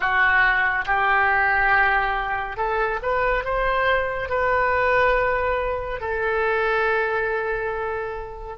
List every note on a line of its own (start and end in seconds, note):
0.00 0.85 F#4
0.86 2.56 G4
2.56 2.99 A4
3.02 3.44 B4
3.44 4.29 C5
4.29 6.00 B4
6.00 8.57 A4